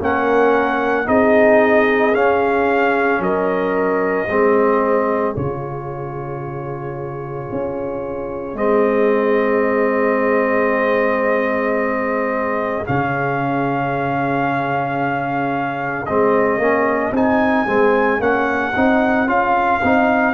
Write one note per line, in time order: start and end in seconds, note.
0.00 1.07 A#3
0.00 1.06 C#4
0.00 1.07 A#4
0.00 1.08 F#5
1.06 2.14 C4
1.06 2.13 D#4
1.06 3.21 G#4
1.06 2.15 D#5
2.14 3.20 C#4
2.14 4.29 C#4
2.14 3.22 F5
3.20 4.27 F#3
3.20 4.29 A#4
3.20 5.36 D#5
4.29 5.36 G#3
4.29 5.35 C4
4.29 20.34 G#4
5.35 7.51 C#3
5.35 8.56 F4
5.35 8.57 C#5
7.52 8.55 C#4
8.55 12.83 G#3
8.55 12.85 C4
8.55 12.86 D#5
12.85 16.09 C#3
12.85 16.06 C#4
12.85 16.06 F5
16.06 16.58 G#3
16.06 16.60 C4
16.06 17.13 D#5
16.58 17.11 A#3
16.58 17.14 C#4
17.12 17.65 C4
17.12 17.67 D#4
17.12 18.22 G#5
17.67 18.20 G#3
17.67 18.19 C4
18.19 18.73 A#3
18.19 18.73 C#4
18.19 19.29 F#5
18.76 19.27 C4
18.76 19.27 D#4
19.27 19.81 C#4
19.27 19.81 F4
19.27 20.34 F5
19.83 20.34 C4
19.83 20.34 D#4